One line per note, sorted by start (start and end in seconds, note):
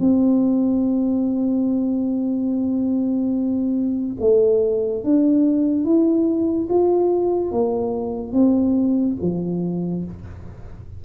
0.00 4.17 C4
4.20 5.04 A3
5.04 5.85 D4
5.85 6.68 E4
6.70 7.52 F4
7.52 8.33 A#3
8.33 9.16 C4
9.22 10.05 F3